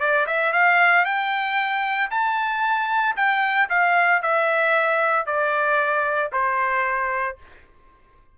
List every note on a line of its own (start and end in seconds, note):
0.00 0.26 D5
0.27 0.53 E5
0.53 1.05 F5
1.05 2.10 G5
2.11 3.16 A5
3.17 3.69 G5
3.70 4.22 F5
4.22 5.27 E5
5.27 6.32 D5
6.33 7.38 C5